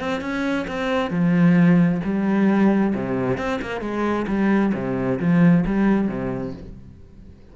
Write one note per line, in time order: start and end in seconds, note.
0.00 0.21 C4
0.21 0.66 C#4
0.68 1.11 C4
1.11 2.01 F3
2.04 2.94 G3
2.95 3.38 C3
3.38 3.60 C4
3.62 3.81 A#3
3.81 4.26 G#3
4.28 4.73 G3
4.74 5.19 C3
5.20 5.65 F3
5.66 6.08 G3
6.08 6.53 C3